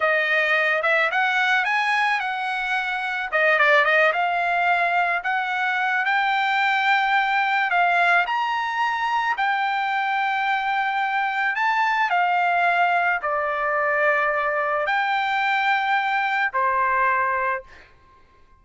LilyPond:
\new Staff \with { instrumentName = "trumpet" } { \time 4/4 \tempo 4 = 109 dis''4. e''8 fis''4 gis''4 | fis''2 dis''8 d''8 dis''8 f''8~ | f''4. fis''4. g''4~ | g''2 f''4 ais''4~ |
ais''4 g''2.~ | g''4 a''4 f''2 | d''2. g''4~ | g''2 c''2 | }